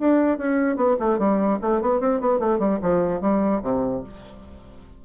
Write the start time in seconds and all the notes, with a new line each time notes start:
0.00 D4
0.38 C#4
0.76 B3
0.99 A3
1.19 G3
1.61 A3
1.81 B3
2.00 C4
2.20 B3
2.39 A3
2.59 G3
2.82 F3
3.21 G3
3.63 C3